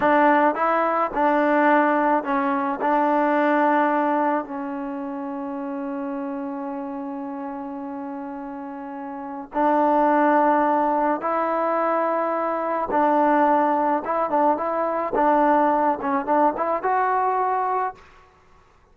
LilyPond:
\new Staff \with { instrumentName = "trombone" } { \time 4/4 \tempo 4 = 107 d'4 e'4 d'2 | cis'4 d'2. | cis'1~ | cis'1~ |
cis'4 d'2. | e'2. d'4~ | d'4 e'8 d'8 e'4 d'4~ | d'8 cis'8 d'8 e'8 fis'2 | }